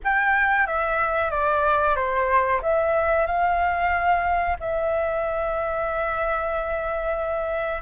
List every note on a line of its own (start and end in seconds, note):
0.04 0.67 G5
0.67 1.30 E5
1.30 1.95 D5
1.95 2.60 C5
2.61 3.26 E5
3.26 4.57 F5
4.59 7.81 E5